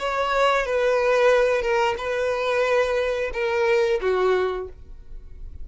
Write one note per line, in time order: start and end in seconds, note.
0.00 0.66 C#5
0.66 1.62 B4
1.62 1.95 A#4
1.98 3.32 B4
3.34 4.01 A#4
4.02 4.68 F#4